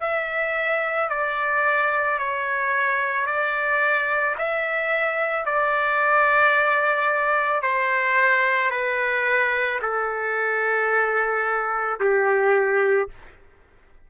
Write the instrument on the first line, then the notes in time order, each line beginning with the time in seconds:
trumpet
0.00 E5
1.09 D5
2.19 C#5
3.26 D5
4.38 E5
5.45 D5
7.62 C5
8.70 B4
9.81 A4
12.00 G4